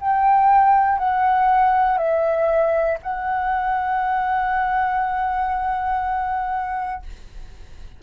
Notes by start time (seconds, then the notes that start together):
0.00 G5
0.98 F#5
1.98 E5
3.02 F#5